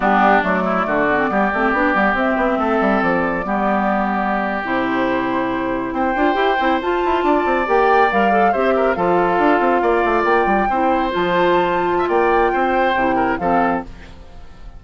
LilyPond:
<<
  \new Staff \with { instrumentName = "flute" } { \time 4/4 \tempo 4 = 139 g'4 d''2.~ | d''4 e''2 d''4~ | d''2~ d''8. c''4~ c''16~ | c''4.~ c''16 g''2 a''16~ |
a''4.~ a''16 g''4 f''4 e''16~ | e''8. f''2. g''16~ | g''4.~ g''16 a''2~ a''16 | g''2. f''4 | }
  \new Staff \with { instrumentName = "oboe" } { \time 4/4 d'4. e'8 fis'4 g'4~ | g'2 a'2 | g'1~ | g'4.~ g'16 c''2~ c''16~ |
c''8. d''2. c''16~ | c''16 ais'8 a'2 d''4~ d''16~ | d''8. c''2. e''16 | d''4 c''4. ais'8 a'4 | }
  \new Staff \with { instrumentName = "clarinet" } { \time 4/4 b4 a4. b16 c'16 b8 c'8 | d'8 b8 c'2. | b2~ b8. e'4~ e'16~ | e'2~ e'16 f'8 g'8 e'8 f'16~ |
f'4.~ f'16 g'4 ais'8 a'8 g'16~ | g'8. f'2.~ f'16~ | f'8. e'4 f'2~ f'16~ | f'2 e'4 c'4 | }
  \new Staff \with { instrumentName = "bassoon" } { \time 4/4 g4 fis4 d4 g8 a8 | b8 g8 c'8 b8 a8 g8 f4 | g2~ g8. c4~ c16~ | c4.~ c16 c'8 d'8 e'8 c'8 f'16~ |
f'16 e'8 d'8 c'8 ais4 g4 c'16~ | c'8. f4 d'8 c'8 ais8 a8 ais16~ | ais16 g8 c'4 f2~ f16 | ais4 c'4 c4 f4 | }
>>